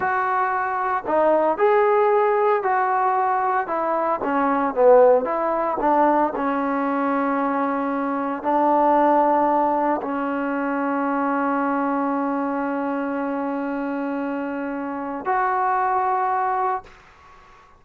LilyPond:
\new Staff \with { instrumentName = "trombone" } { \time 4/4 \tempo 4 = 114 fis'2 dis'4 gis'4~ | gis'4 fis'2 e'4 | cis'4 b4 e'4 d'4 | cis'1 |
d'2. cis'4~ | cis'1~ | cis'1~ | cis'4 fis'2. | }